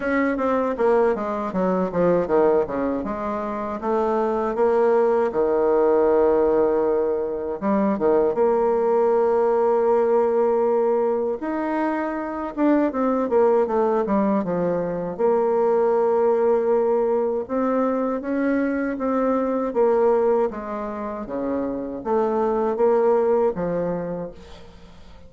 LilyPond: \new Staff \with { instrumentName = "bassoon" } { \time 4/4 \tempo 4 = 79 cis'8 c'8 ais8 gis8 fis8 f8 dis8 cis8 | gis4 a4 ais4 dis4~ | dis2 g8 dis8 ais4~ | ais2. dis'4~ |
dis'8 d'8 c'8 ais8 a8 g8 f4 | ais2. c'4 | cis'4 c'4 ais4 gis4 | cis4 a4 ais4 f4 | }